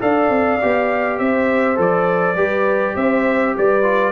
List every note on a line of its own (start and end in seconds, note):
0.00 0.29 D4
0.00 0.59 A4
0.00 1.19 D5
0.00 1.18 F5
0.29 0.59 C4
0.61 1.19 B3
0.61 1.75 G4
1.18 1.78 C4
1.18 2.36 C5
1.18 1.77 E5
1.75 2.35 F3
1.75 2.34 A4
1.75 2.96 D5
2.35 2.94 G3
2.35 3.82 G4
2.35 2.95 B4
2.96 3.55 C4
2.96 3.55 C5
2.96 3.55 E5
3.56 4.12 G3
3.56 4.12 B4
3.56 4.12 D5
3.82 4.12 F4